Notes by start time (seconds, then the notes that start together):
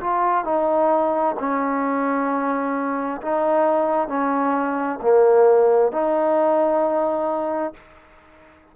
0.00 F4
0.44 D#4
1.39 C#4
3.21 D#4
4.08 C#4
5.02 A#3
5.91 D#4